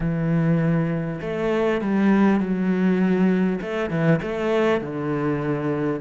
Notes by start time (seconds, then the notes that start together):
0.00 E3
1.21 A3
1.81 G3
2.40 F#3
3.61 A3
3.90 E3
4.22 A3
4.80 D3